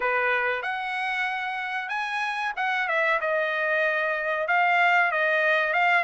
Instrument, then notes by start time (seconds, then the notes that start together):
trumpet
0.00 B4
0.62 F#5
1.88 G#5
2.56 F#5
2.88 E5
3.21 D#5
4.47 F5
5.11 D#5
5.73 F5